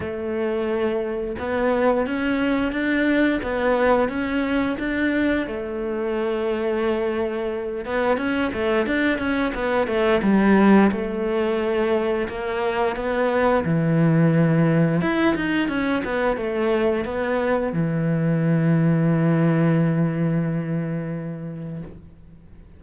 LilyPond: \new Staff \with { instrumentName = "cello" } { \time 4/4 \tempo 4 = 88 a2 b4 cis'4 | d'4 b4 cis'4 d'4 | a2.~ a8 b8 | cis'8 a8 d'8 cis'8 b8 a8 g4 |
a2 ais4 b4 | e2 e'8 dis'8 cis'8 b8 | a4 b4 e2~ | e1 | }